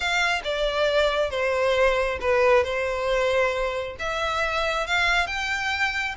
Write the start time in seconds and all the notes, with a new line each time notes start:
0.00 F5
0.44 D5
1.30 C5
2.21 B4
2.64 C5
3.99 E5
4.86 F5
5.26 G5